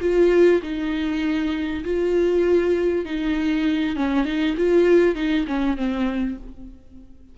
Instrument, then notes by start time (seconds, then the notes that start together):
viola
0.00 F4
0.62 D#4
1.83 F4
3.05 D#4
3.96 C#4
4.25 D#4
4.57 F4
5.15 D#4
5.47 C#4
5.77 C4